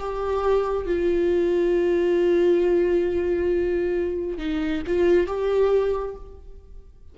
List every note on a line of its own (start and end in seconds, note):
0.00 0.87 G4
0.87 4.39 F4
4.39 4.83 D#4
4.87 5.27 F4
5.27 6.16 G4